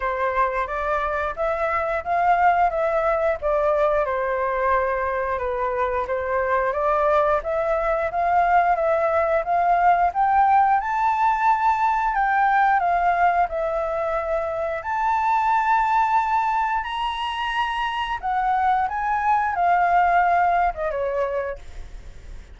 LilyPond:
\new Staff \with { instrumentName = "flute" } { \time 4/4 \tempo 4 = 89 c''4 d''4 e''4 f''4 | e''4 d''4 c''2 | b'4 c''4 d''4 e''4 | f''4 e''4 f''4 g''4 |
a''2 g''4 f''4 | e''2 a''2~ | a''4 ais''2 fis''4 | gis''4 f''4.~ f''16 dis''16 cis''4 | }